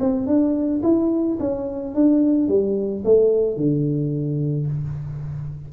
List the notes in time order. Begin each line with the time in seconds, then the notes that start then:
0.00 C4
0.27 D4
0.83 E4
1.40 C#4
1.95 D4
2.48 G3
3.05 A3
3.57 D3